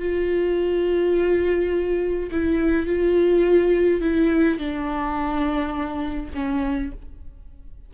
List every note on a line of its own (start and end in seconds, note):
0.00 2.31 F4
2.32 2.87 E4
2.87 4.01 F4
4.01 4.59 E4
4.59 6.32 D4
6.35 6.92 C#4